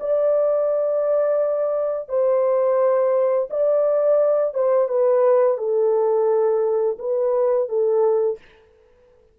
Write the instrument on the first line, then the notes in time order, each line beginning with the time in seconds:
horn
0.00 D5
2.09 C5
3.50 D5
4.54 C5
4.88 B4
5.58 A4
6.99 B4
7.69 A4